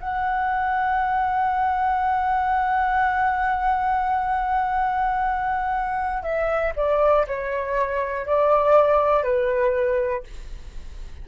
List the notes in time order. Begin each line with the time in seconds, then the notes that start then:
0.00 F#5
6.23 E5
6.76 D5
7.27 C#5
8.26 D5
9.23 B4